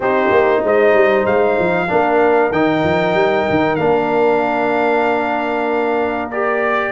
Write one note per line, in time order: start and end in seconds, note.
0.00 0.29 C4
0.00 1.87 D#4
0.00 0.60 G4
0.00 0.64 C5
0.31 0.62 A#3
0.63 0.94 G#3
0.63 1.90 C5
0.63 1.26 D#5
0.94 1.26 G3
1.26 1.58 G#3
1.26 2.52 F5
1.58 1.90 F3
1.87 2.51 A#3
1.87 2.51 D4
1.87 6.92 A#4
2.51 2.83 D#3
2.51 3.78 D#4
2.51 3.75 G5
2.83 3.13 F3
3.13 3.45 G3
3.49 3.78 D#3
3.75 6.92 A#3
3.75 6.30 D4
3.75 6.28 F5
6.31 6.92 G4
6.31 6.92 D5